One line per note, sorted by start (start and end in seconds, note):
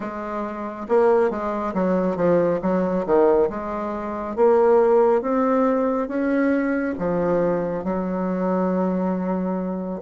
0.00 0.87 G#3
0.88 1.30 A#3
1.30 1.74 G#3
1.74 2.16 F#3
2.16 2.59 F3
2.61 3.05 F#3
3.06 3.49 D#3
3.49 4.36 G#3
4.36 5.21 A#3
5.21 6.08 C4
6.08 6.94 C#4
6.98 7.83 F3
7.83 10.01 F#3